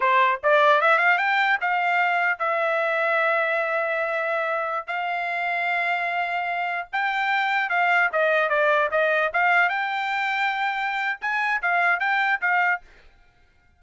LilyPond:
\new Staff \with { instrumentName = "trumpet" } { \time 4/4 \tempo 4 = 150 c''4 d''4 e''8 f''8 g''4 | f''2 e''2~ | e''1~ | e''16 f''2.~ f''8.~ |
f''4~ f''16 g''2 f''8.~ | f''16 dis''4 d''4 dis''4 f''8.~ | f''16 g''2.~ g''8. | gis''4 f''4 g''4 f''4 | }